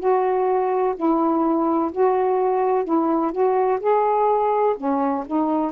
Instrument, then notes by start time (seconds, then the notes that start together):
saxophone
0.00 F#4
0.97 E4
1.92 F#4
2.85 E4
3.32 F#4
3.81 G#4
4.77 C#4
5.27 D#4